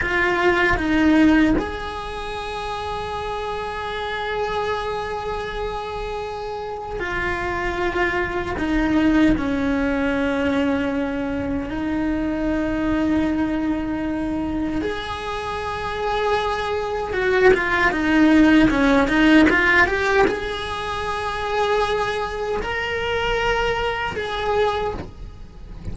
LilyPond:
\new Staff \with { instrumentName = "cello" } { \time 4/4 \tempo 4 = 77 f'4 dis'4 gis'2~ | gis'1~ | gis'4 f'2 dis'4 | cis'2. dis'4~ |
dis'2. gis'4~ | gis'2 fis'8 f'8 dis'4 | cis'8 dis'8 f'8 g'8 gis'2~ | gis'4 ais'2 gis'4 | }